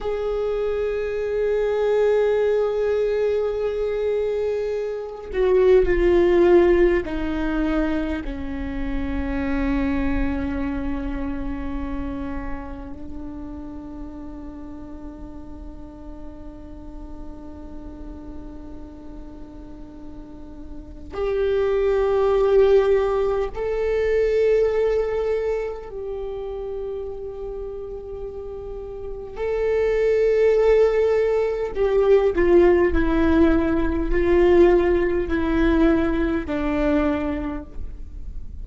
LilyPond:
\new Staff \with { instrumentName = "viola" } { \time 4/4 \tempo 4 = 51 gis'1~ | gis'8 fis'8 f'4 dis'4 cis'4~ | cis'2. d'4~ | d'1~ |
d'2 g'2 | a'2 g'2~ | g'4 a'2 g'8 f'8 | e'4 f'4 e'4 d'4 | }